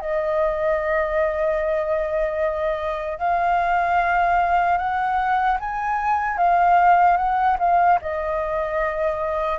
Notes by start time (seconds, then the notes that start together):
0.00 D#5
3.18 F5
4.78 F#5
5.60 G#5
6.37 F5
7.17 F#5
7.59 F5
8.01 D#5